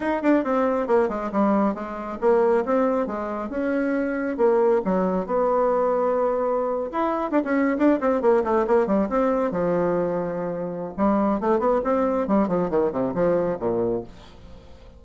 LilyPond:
\new Staff \with { instrumentName = "bassoon" } { \time 4/4 \tempo 4 = 137 dis'8 d'8 c'4 ais8 gis8 g4 | gis4 ais4 c'4 gis4 | cis'2 ais4 fis4 | b2.~ b8. e'16~ |
e'8. d'16 cis'8. d'8 c'8 ais8 a8 ais16~ | ais16 g8 c'4 f2~ f16~ | f4 g4 a8 b8 c'4 | g8 f8 dis8 c8 f4 ais,4 | }